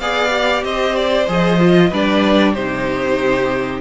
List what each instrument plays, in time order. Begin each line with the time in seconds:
0.00 cello B3, viola G#4, violin D5 F5
0.29 viola G4
0.64 cello C4, violin C5 D#5
0.96 violin D5
1.28 cello F3, viola G#4, violin D#5
1.60 viola F4
1.89 cello G3, viola D4, violin B4 D5
2.54 cello C3, viola D#4, violin G4 C5